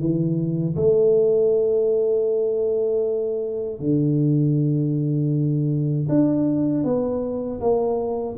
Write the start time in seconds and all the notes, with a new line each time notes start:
0.00 E3
0.76 A3
3.80 D3
6.09 D4
6.85 B3
7.61 A#3